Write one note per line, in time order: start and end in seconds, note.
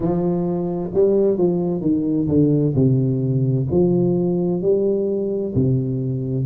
0.00 0.91 F3
0.94 1.37 G3
1.37 1.81 F3
1.81 2.27 D#3
2.27 2.74 D3
2.74 3.67 C3
3.70 4.62 F3
4.62 5.54 G3
5.54 6.45 C3